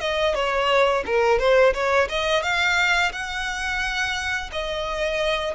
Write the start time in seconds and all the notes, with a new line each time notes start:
0.00 D#5
0.34 C#5
1.06 A#4
1.39 C5
1.74 C#5
2.09 D#5
2.43 F5
3.12 F#5
4.52 D#5